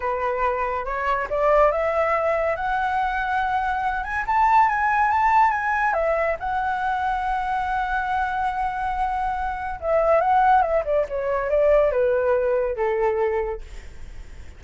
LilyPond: \new Staff \with { instrumentName = "flute" } { \time 4/4 \tempo 4 = 141 b'2 cis''4 d''4 | e''2 fis''2~ | fis''4. gis''8 a''4 gis''4 | a''4 gis''4 e''4 fis''4~ |
fis''1~ | fis''2. e''4 | fis''4 e''8 d''8 cis''4 d''4 | b'2 a'2 | }